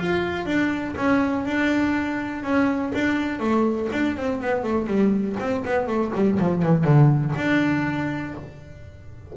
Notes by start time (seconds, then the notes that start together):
0.00 F4
0.46 D4
0.97 C#4
1.46 D4
2.43 C#4
2.94 D4
3.40 A3
3.93 D4
4.17 C4
4.42 B3
4.64 A3
4.87 G3
5.40 C4
5.65 B3
5.87 A3
6.15 G3
6.39 F3
6.63 E3
6.85 D3
7.36 D4